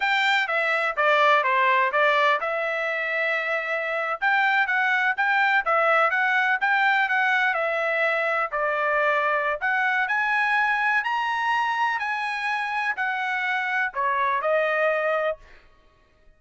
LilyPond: \new Staff \with { instrumentName = "trumpet" } { \time 4/4 \tempo 4 = 125 g''4 e''4 d''4 c''4 | d''4 e''2.~ | e''8. g''4 fis''4 g''4 e''16~ | e''8. fis''4 g''4 fis''4 e''16~ |
e''4.~ e''16 d''2~ d''16 | fis''4 gis''2 ais''4~ | ais''4 gis''2 fis''4~ | fis''4 cis''4 dis''2 | }